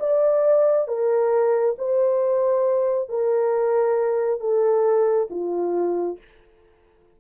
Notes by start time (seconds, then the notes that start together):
0.00 D5
0.88 A#4
1.78 C5
3.09 A#4
4.40 A4
5.31 F4